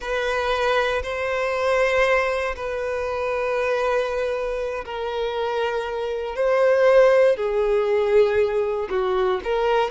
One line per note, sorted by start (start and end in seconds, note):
0.00 1.02 B4
1.02 2.55 C5
2.55 4.84 B4
4.85 6.35 A#4
6.35 7.36 C5
7.36 8.88 G#4
8.90 9.40 F#4
9.43 9.90 A#4